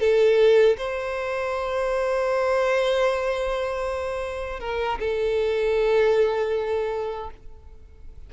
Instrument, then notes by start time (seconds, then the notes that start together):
violin
0.00 A4
0.78 C5
4.60 A#4
5.00 A4